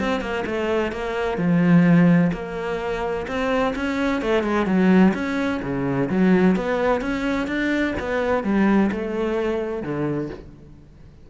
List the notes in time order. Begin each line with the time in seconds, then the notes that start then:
0.00 C4
0.21 A#3
0.46 A3
0.92 A#3
1.38 F3
2.33 A#3
3.28 C4
3.76 C#4
4.22 A3
4.43 G#3
4.66 F#3
5.14 C#4
5.62 C#3
6.10 F#3
6.56 B3
7.01 C#4
7.47 D4
7.99 B3
8.44 G3
8.92 A3
9.83 D3